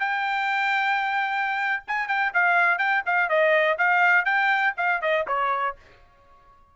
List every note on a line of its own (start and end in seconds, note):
0.00 1.83 G5
1.87 2.08 G#5
2.08 2.32 G5
2.34 2.78 F5
2.78 3.03 G5
3.06 3.29 F5
3.29 3.78 D#5
3.78 4.25 F5
4.25 4.74 G5
4.77 5.01 F5
5.01 5.26 D#5
5.27 5.76 C#5